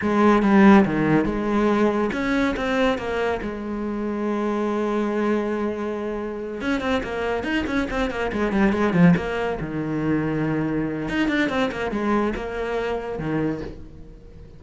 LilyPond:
\new Staff \with { instrumentName = "cello" } { \time 4/4 \tempo 4 = 141 gis4 g4 dis4 gis4~ | gis4 cis'4 c'4 ais4 | gis1~ | gis2.~ gis8 cis'8 |
c'8 ais4 dis'8 cis'8 c'8 ais8 gis8 | g8 gis8 f8 ais4 dis4.~ | dis2 dis'8 d'8 c'8 ais8 | gis4 ais2 dis4 | }